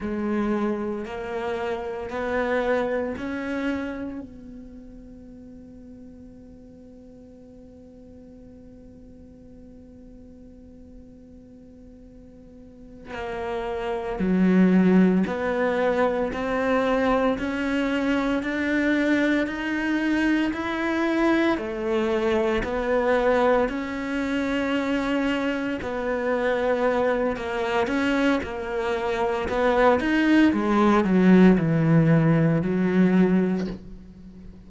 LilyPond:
\new Staff \with { instrumentName = "cello" } { \time 4/4 \tempo 4 = 57 gis4 ais4 b4 cis'4 | b1~ | b1~ | b8 ais4 fis4 b4 c'8~ |
c'8 cis'4 d'4 dis'4 e'8~ | e'8 a4 b4 cis'4.~ | cis'8 b4. ais8 cis'8 ais4 | b8 dis'8 gis8 fis8 e4 fis4 | }